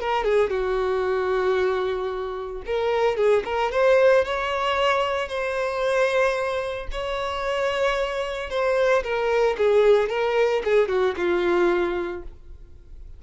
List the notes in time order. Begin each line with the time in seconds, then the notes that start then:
0.00 A#4
0.24 G#4
0.50 F#4
2.65 A#4
3.16 G#4
3.45 A#4
3.71 C5
4.25 C#5
5.28 C5
6.91 C#5
8.50 C5
9.03 A#4
9.57 G#4
10.09 A#4
10.64 G#4
10.88 F#4
11.16 F4